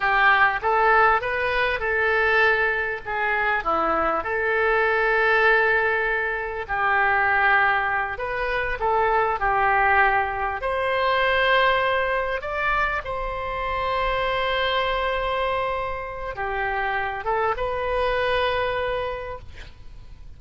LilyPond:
\new Staff \with { instrumentName = "oboe" } { \time 4/4 \tempo 4 = 99 g'4 a'4 b'4 a'4~ | a'4 gis'4 e'4 a'4~ | a'2. g'4~ | g'4. b'4 a'4 g'8~ |
g'4. c''2~ c''8~ | c''8 d''4 c''2~ c''8~ | c''2. g'4~ | g'8 a'8 b'2. | }